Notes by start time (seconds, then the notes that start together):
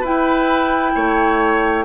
0.00 E4 B4 G5
0.95 A3 C#5